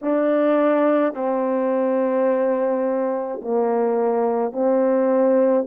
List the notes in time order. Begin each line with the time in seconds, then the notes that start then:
0.01 D4
1.14 C4
3.41 A#3
4.52 C4